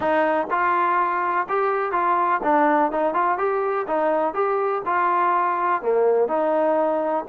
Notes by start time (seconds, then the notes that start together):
0.00 D#4
0.50 F4
1.48 G4
1.92 F4
2.43 D4
2.91 D#4
3.13 F4
3.38 G4
3.87 D#4
4.34 G4
4.85 F4
5.82 A#3
6.27 D#4